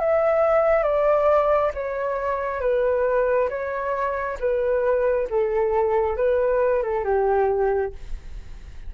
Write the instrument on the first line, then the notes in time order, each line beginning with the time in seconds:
flute
0.00 E5
0.83 D5
1.75 C#5
2.61 B4
3.50 C#5
4.40 B4
5.30 A4
6.17 B4
6.83 A4
7.05 G4